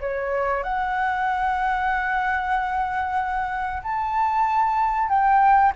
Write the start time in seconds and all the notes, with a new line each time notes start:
0.00 C#5
0.63 F#5
3.83 A5
5.08 G5